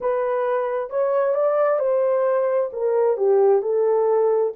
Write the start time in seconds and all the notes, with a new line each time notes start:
0.00 B4
0.90 C#5
1.35 D5
1.79 C5
2.72 A#4
3.17 G4
3.62 A4